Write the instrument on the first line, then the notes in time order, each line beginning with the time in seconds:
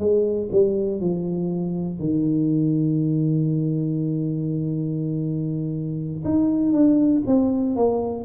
tuba
0.00 G#3
0.52 G3
1.01 F3
2.00 D#3
6.25 D#4
6.73 D4
7.27 C4
7.76 A#3